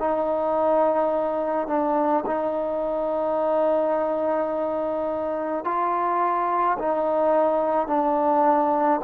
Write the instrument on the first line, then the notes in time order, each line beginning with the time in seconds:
trombone
0.00 D#4
1.68 D4
2.26 D#4
5.65 F4
6.79 D#4
7.88 D4